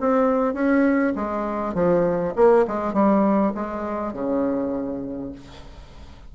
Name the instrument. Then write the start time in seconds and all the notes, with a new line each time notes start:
bassoon
0.00 C4
0.54 C#4
1.15 G#3
1.74 F3
2.35 A#3
2.67 G#3
2.93 G3
3.55 G#3
4.13 C#3